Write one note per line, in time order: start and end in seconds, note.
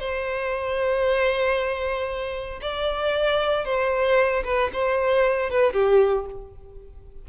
0.00 2.61 C5
2.62 3.65 D5
3.65 4.44 C5
4.45 4.71 B4
4.73 5.51 C5
5.51 5.74 B4
5.74 6.26 G4